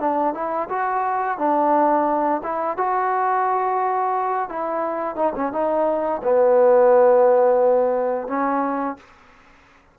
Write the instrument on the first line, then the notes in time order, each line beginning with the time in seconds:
trombone
0.00 D4
0.34 E4
0.70 F#4
1.39 D4
2.44 E4
2.78 F#4
4.50 E4
5.16 D#4
5.36 C#4
5.53 D#4
6.24 B3
8.28 C#4